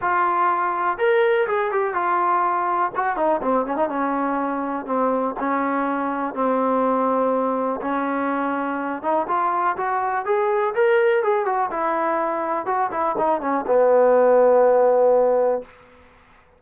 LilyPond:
\new Staff \with { instrumentName = "trombone" } { \time 4/4 \tempo 4 = 123 f'2 ais'4 gis'8 g'8 | f'2 fis'8 dis'8 c'8 cis'16 dis'16 | cis'2 c'4 cis'4~ | cis'4 c'2. |
cis'2~ cis'8 dis'8 f'4 | fis'4 gis'4 ais'4 gis'8 fis'8 | e'2 fis'8 e'8 dis'8 cis'8 | b1 | }